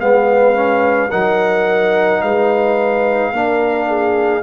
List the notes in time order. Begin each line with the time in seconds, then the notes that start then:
0.00 G#3 B3 B4 F5
0.55 C#4
1.10 F#3 D#4 A#4 F#5
2.22 G#3 B4 F5
3.33 A#3 D4 A#4
3.88 G#4